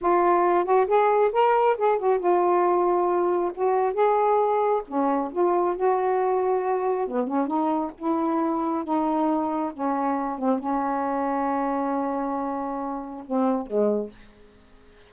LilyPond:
\new Staff \with { instrumentName = "saxophone" } { \time 4/4 \tempo 4 = 136 f'4. fis'8 gis'4 ais'4 | gis'8 fis'8 f'2. | fis'4 gis'2 cis'4 | f'4 fis'2. |
b8 cis'8 dis'4 e'2 | dis'2 cis'4. c'8 | cis'1~ | cis'2 c'4 gis4 | }